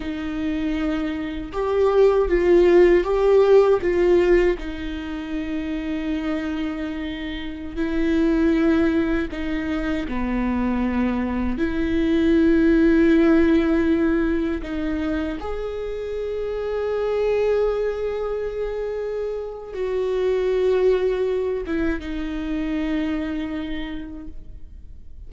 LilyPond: \new Staff \with { instrumentName = "viola" } { \time 4/4 \tempo 4 = 79 dis'2 g'4 f'4 | g'4 f'4 dis'2~ | dis'2~ dis'16 e'4.~ e'16~ | e'16 dis'4 b2 e'8.~ |
e'2.~ e'16 dis'8.~ | dis'16 gis'2.~ gis'8.~ | gis'2 fis'2~ | fis'8 e'8 dis'2. | }